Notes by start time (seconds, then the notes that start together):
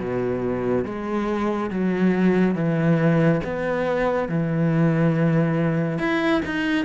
0.00 B2
0.86 G#3
1.71 F#3
2.56 E3
3.44 B3
4.29 E3
5.99 E4
6.46 D#4